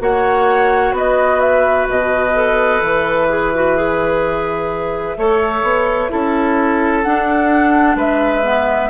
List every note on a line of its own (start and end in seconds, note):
0.00 0.92 A#3
0.00 2.34 F#4
0.00 0.95 C#5
0.00 0.95 F#5
0.92 1.86 B3
0.92 5.17 B4
0.92 1.40 D#5
1.40 1.87 E5
1.89 2.81 B2
1.89 2.82 D#5
2.35 3.29 A4
2.81 5.16 E3
2.81 7.03 E5
3.29 3.53 G#4
3.55 3.77 F#4
3.77 5.17 G#4
5.17 5.63 A3
5.17 6.10 A4
5.17 6.12 C#5
5.63 6.10 B3
6.10 7.06 C#4
6.10 7.03 E4
6.10 7.97 A4
7.03 8.43 D4
7.03 7.96 D4
7.03 7.96 F#5
7.96 8.89 G#3
7.96 8.90 B4
7.96 8.90 E5
8.43 8.90 B3